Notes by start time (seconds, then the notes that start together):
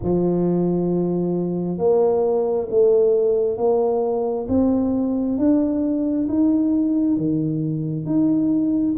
0.02 F3
1.78 A#3
2.69 A3
3.57 A#3
4.48 C4
5.38 D4
6.28 D#4
7.16 D#3
8.05 D#4